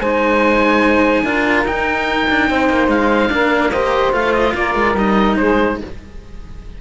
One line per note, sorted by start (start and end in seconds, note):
0.00 1.23 G#3
0.00 1.26 D#4
0.00 1.24 C5
0.00 1.66 G#5
1.23 1.64 D4
1.23 1.67 F4
1.23 2.48 A#4
1.64 2.26 D#4
1.64 3.29 D#4
1.64 2.90 G5
2.30 2.50 D4
2.50 2.69 C4
2.50 3.31 C5
2.69 2.88 A#3
2.88 3.29 G#3
2.88 3.72 F5
3.29 4.12 A#3
3.29 3.71 D4
3.29 3.72 A#4
3.72 4.13 G4
3.72 4.54 C5
3.72 4.13 D#5
4.12 4.54 A3
4.12 4.95 F4
4.12 4.33 F5
4.33 4.54 D#5
4.55 4.75 A#3
4.55 5.38 A#4
4.55 4.97 D5
4.75 4.95 G#3
4.95 5.36 G3
4.95 5.80 D#4
4.95 5.37 D#5
5.37 5.81 G#3
5.37 5.79 G#4
5.37 5.78 C5